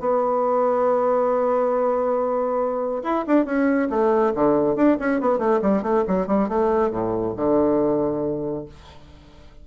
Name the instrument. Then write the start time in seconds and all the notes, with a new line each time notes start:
bassoon
0.00 B3
3.03 E4
3.27 D4
3.45 C#4
3.90 A3
4.35 D3
4.76 D4
4.99 C#4
5.21 B3
5.39 A3
5.62 G3
5.83 A3
6.08 F#3
6.27 G3
6.48 A3
6.91 A2
7.36 D3